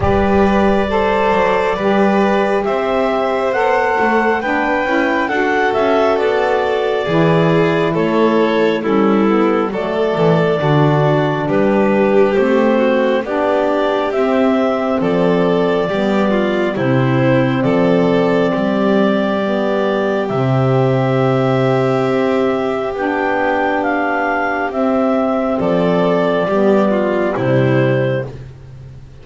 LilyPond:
<<
  \new Staff \with { instrumentName = "clarinet" } { \time 4/4 \tempo 4 = 68 d''2. e''4 | fis''4 g''4 fis''8 e''8 d''4~ | d''4 cis''4 a'4 d''4~ | d''4 b'4 c''4 d''4 |
e''4 d''2 c''4 | d''2. e''4~ | e''2 g''4 f''4 | e''4 d''2 c''4 | }
  \new Staff \with { instrumentName = "violin" } { \time 4/4 b'4 c''4 b'4 c''4~ | c''4 b'4 a'2 | gis'4 a'4 e'4 a'4 | fis'4 g'4. fis'8 g'4~ |
g'4 a'4 g'8 f'8 e'4 | a'4 g'2.~ | g'1~ | g'4 a'4 g'8 f'8 e'4 | }
  \new Staff \with { instrumentName = "saxophone" } { \time 4/4 g'4 a'4 g'2 | a'4 d'8 e'8 fis'2 | e'2 cis'8 b8 a4 | d'2 c'4 d'4 |
c'2 b4 c'4~ | c'2 b4 c'4~ | c'2 d'2 | c'2 b4 g4 | }
  \new Staff \with { instrumentName = "double bass" } { \time 4/4 g4. fis8 g4 c'4 | b8 a8 b8 cis'8 d'8 cis'8 b4 | e4 a4 g4 fis8 e8 | d4 g4 a4 b4 |
c'4 f4 g4 c4 | f4 g2 c4~ | c4 c'4 b2 | c'4 f4 g4 c4 | }
>>